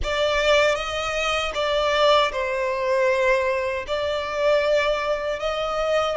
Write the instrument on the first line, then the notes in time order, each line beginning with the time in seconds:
violin
0.03 D5
0.75 D#5
1.54 D5
2.31 C5
3.87 D5
5.39 D#5